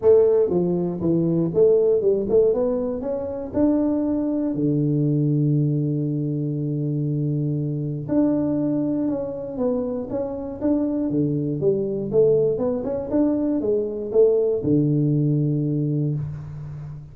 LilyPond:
\new Staff \with { instrumentName = "tuba" } { \time 4/4 \tempo 4 = 119 a4 f4 e4 a4 | g8 a8 b4 cis'4 d'4~ | d'4 d2.~ | d1 |
d'2 cis'4 b4 | cis'4 d'4 d4 g4 | a4 b8 cis'8 d'4 gis4 | a4 d2. | }